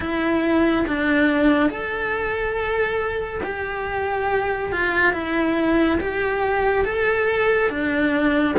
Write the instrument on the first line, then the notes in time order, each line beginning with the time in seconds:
cello
0.00 E4
0.87 D4
1.69 A4
3.43 G4
4.72 F4
5.12 E4
6.00 G4
6.85 A4
7.69 D4